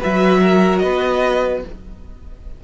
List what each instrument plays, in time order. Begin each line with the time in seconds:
0.00 cello F#3, viola F#4, violin B4 E5
0.43 violin A#4
0.79 cello B3, violin B4 D#5